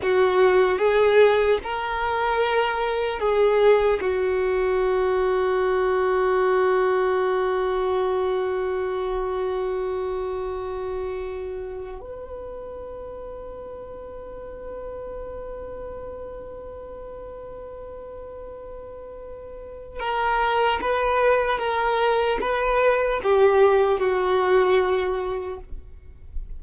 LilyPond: \new Staff \with { instrumentName = "violin" } { \time 4/4 \tempo 4 = 75 fis'4 gis'4 ais'2 | gis'4 fis'2.~ | fis'1~ | fis'2. b'4~ |
b'1~ | b'1~ | b'4 ais'4 b'4 ais'4 | b'4 g'4 fis'2 | }